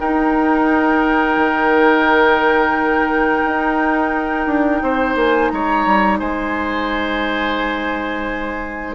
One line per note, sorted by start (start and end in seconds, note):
0.00 1.37 D#4
0.00 8.95 D#4
0.00 4.83 A#4
0.00 5.17 G5
1.37 3.44 D#3
3.45 4.47 D#4
4.47 4.81 D4
4.82 5.16 C4
4.82 5.52 C5
5.16 5.50 A#3
5.16 5.49 G#5
5.49 5.86 G#3
5.49 6.19 C#5
5.49 6.18 A#5
5.86 6.20 G3
6.19 8.95 G#3
6.19 8.95 C5
6.19 8.95 G#5